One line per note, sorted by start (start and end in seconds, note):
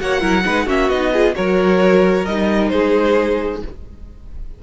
0.00 0.22 A#3
0.00 0.20 F#4
0.00 0.21 C#5
0.00 0.68 F#5
0.20 0.45 F#3
0.20 0.43 E4
0.20 0.43 A#4
0.45 0.68 G#3
0.45 0.67 D#4
0.45 0.66 B4
0.66 0.89 A#3
0.66 0.90 C#4
0.66 1.11 F#4
0.66 0.89 E5
0.89 1.34 B3
0.89 1.14 D#4
0.89 1.35 D#5
1.13 1.34 F4
1.13 1.35 G#4
1.34 2.27 F#3
1.34 2.25 F#4
1.34 2.71 A#4
1.34 2.26 C#5
2.26 2.72 G3
2.26 3.63 D#4
2.26 2.69 D#5
2.69 3.62 G#3
2.69 3.62 G#4
2.69 3.59 C5